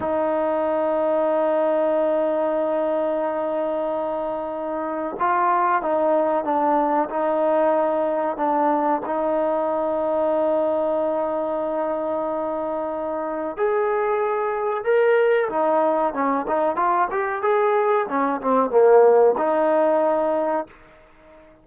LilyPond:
\new Staff \with { instrumentName = "trombone" } { \time 4/4 \tempo 4 = 93 dis'1~ | dis'1 | f'4 dis'4 d'4 dis'4~ | dis'4 d'4 dis'2~ |
dis'1~ | dis'4 gis'2 ais'4 | dis'4 cis'8 dis'8 f'8 g'8 gis'4 | cis'8 c'8 ais4 dis'2 | }